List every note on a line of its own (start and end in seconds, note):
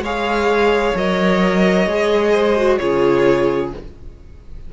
0.00 0.92 G#3
0.00 0.96 G#4
0.00 2.33 C#5
0.00 0.97 F5
0.95 1.87 F#3
0.95 1.89 A#4
0.95 2.78 D#5
1.87 2.79 G#3
1.87 2.57 G#4
2.33 2.79 C5
2.57 2.80 F#4
2.78 3.73 C#3
2.78 3.73 F4
2.78 3.74 G#4
2.78 3.70 C#5